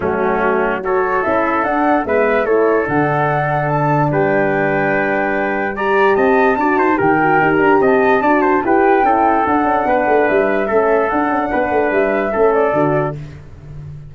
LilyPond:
<<
  \new Staff \with { instrumentName = "flute" } { \time 4/4 \tempo 4 = 146 fis'2 cis''4 e''4 | fis''4 e''4 cis''4 fis''4~ | fis''4 a''4 g''2~ | g''2 ais''4 a''4~ |
a''4 g''4~ g''16 ais''8. a''4~ | a''4 g''2 fis''4~ | fis''4 e''2 fis''4~ | fis''4 e''4. d''4. | }
  \new Staff \with { instrumentName = "trumpet" } { \time 4/4 cis'2 a'2~ | a'4 b'4 a'2~ | a'2 b'2~ | b'2 d''4 dis''4 |
d''8 c''8 ais'2 dis''4 | d''8 c''8 b'4 a'2 | b'2 a'2 | b'2 a'2 | }
  \new Staff \with { instrumentName = "horn" } { \time 4/4 a2 fis'4 e'4 | d'4 b4 e'4 d'4~ | d'1~ | d'2 g'2 |
fis'4 g'8 fis'8 g'2 | fis'4 g'4 e'4 d'4~ | d'2 cis'4 d'4~ | d'2 cis'4 fis'4 | }
  \new Staff \with { instrumentName = "tuba" } { \time 4/4 fis2. cis'4 | d'4 gis4 a4 d4~ | d2 g2~ | g2. c'4 |
d'8 dis'8 dis4 dis'8 d'8 c'4 | d'4 e'4 cis'4 d'8 cis'8 | b8 a8 g4 a4 d'8 cis'8 | b8 a8 g4 a4 d4 | }
>>